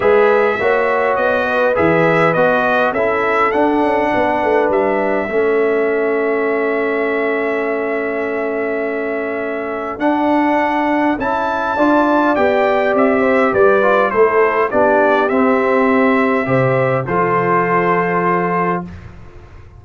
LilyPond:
<<
  \new Staff \with { instrumentName = "trumpet" } { \time 4/4 \tempo 4 = 102 e''2 dis''4 e''4 | dis''4 e''4 fis''2 | e''1~ | e''1~ |
e''4 fis''2 a''4~ | a''4 g''4 e''4 d''4 | c''4 d''4 e''2~ | e''4 c''2. | }
  \new Staff \with { instrumentName = "horn" } { \time 4/4 b'4 cis''4. b'4.~ | b'4 a'2 b'4~ | b'4 a'2.~ | a'1~ |
a'1 | d''2~ d''8 c''8 b'4 | a'4 g'2. | c''4 a'2. | }
  \new Staff \with { instrumentName = "trombone" } { \time 4/4 gis'4 fis'2 gis'4 | fis'4 e'4 d'2~ | d'4 cis'2.~ | cis'1~ |
cis'4 d'2 e'4 | f'4 g'2~ g'8 f'8 | e'4 d'4 c'2 | g'4 f'2. | }
  \new Staff \with { instrumentName = "tuba" } { \time 4/4 gis4 ais4 b4 e4 | b4 cis'4 d'8 cis'8 b8 a8 | g4 a2.~ | a1~ |
a4 d'2 cis'4 | d'4 b4 c'4 g4 | a4 b4 c'2 | c4 f2. | }
>>